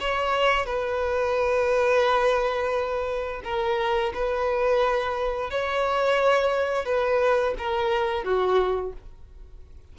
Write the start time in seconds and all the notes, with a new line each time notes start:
0.00 C#5
0.66 B4
3.44 A#4
4.14 B4
5.50 C#5
6.85 B4
7.58 A#4
8.24 F#4